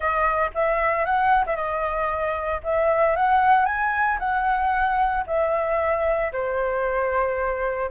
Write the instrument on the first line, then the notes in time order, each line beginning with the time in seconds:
flute
0.00 D#5
0.54 E5
1.05 F#5
1.46 E5
1.56 D#5
2.63 E5
3.16 F#5
3.65 G#5
4.19 F#5
5.26 E5
6.32 C5